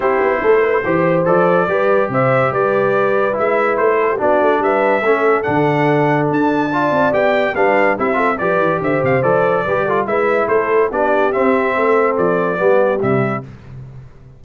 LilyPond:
<<
  \new Staff \with { instrumentName = "trumpet" } { \time 4/4 \tempo 4 = 143 c''2. d''4~ | d''4 e''4 d''2 | e''4 c''4 d''4 e''4~ | e''4 fis''2 a''4~ |
a''4 g''4 f''4 e''4 | d''4 e''8 f''8 d''2 | e''4 c''4 d''4 e''4~ | e''4 d''2 e''4 | }
  \new Staff \with { instrumentName = "horn" } { \time 4/4 g'4 a'8 b'8 c''2 | b'4 c''4 b'2~ | b'4. a'16 g'16 fis'4 b'4 | a'1 |
d''2 b'4 g'8 a'8 | b'4 c''2 b'8 a'8 | b'4 a'4 g'2 | a'2 g'2 | }
  \new Staff \with { instrumentName = "trombone" } { \time 4/4 e'2 g'4 a'4 | g'1 | e'2 d'2 | cis'4 d'2. |
f'4 g'4 d'4 e'8 f'8 | g'2 a'4 g'8 f'8 | e'2 d'4 c'4~ | c'2 b4 g4 | }
  \new Staff \with { instrumentName = "tuba" } { \time 4/4 c'8 b8 a4 e4 f4 | g4 c4 g2 | gis4 a4 b8 a8 g4 | a4 d2 d'4~ |
d'8 c'8 b4 g4 c'4 | f8 e8 d8 c8 f4 g4 | gis4 a4 b4 c'4 | a4 f4 g4 c4 | }
>>